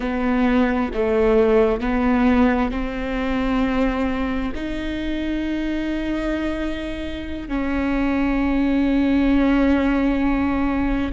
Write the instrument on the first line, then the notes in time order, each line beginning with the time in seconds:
viola
0.00 B3
0.93 A3
1.80 B3
2.71 C4
4.55 D#4
7.48 C#4